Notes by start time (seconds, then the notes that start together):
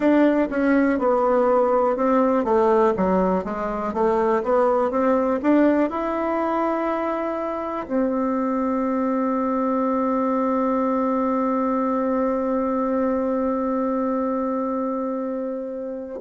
0.00 D4
0.50 C#4
0.98 B3
1.96 C4
2.44 A3
2.96 F#3
3.44 G#3
3.93 A3
4.43 B3
4.90 C4
5.42 D4
5.90 E4
7.87 C4